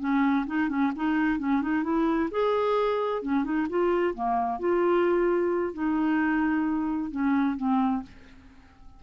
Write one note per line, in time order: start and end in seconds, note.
0.00 0.46 C#4
0.47 0.69 D#4
0.69 0.92 C#4
0.96 1.39 D#4
1.39 1.62 C#4
1.62 1.84 D#4
1.84 2.29 E4
2.31 3.22 G#4
3.22 3.44 C#4
3.44 3.67 D#4
3.70 4.14 F4
4.14 4.60 A#3
4.60 5.74 F4
5.74 7.11 D#4
7.11 7.57 C#4
7.57 8.03 C4